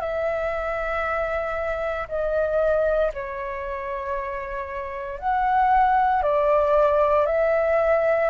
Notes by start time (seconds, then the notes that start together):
0.00 E5
2.08 D#5
3.13 C#5
5.19 F#5
6.22 D5
7.26 E5